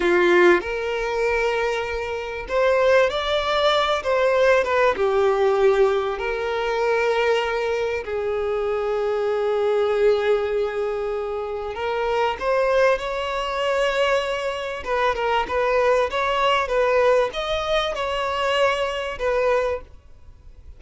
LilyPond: \new Staff \with { instrumentName = "violin" } { \time 4/4 \tempo 4 = 97 f'4 ais'2. | c''4 d''4. c''4 b'8 | g'2 ais'2~ | ais'4 gis'2.~ |
gis'2. ais'4 | c''4 cis''2. | b'8 ais'8 b'4 cis''4 b'4 | dis''4 cis''2 b'4 | }